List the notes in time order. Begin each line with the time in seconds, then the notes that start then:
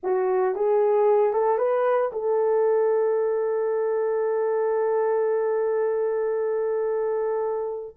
0.03 F#4
0.55 G#4
1.33 A4
1.58 B4
2.12 A4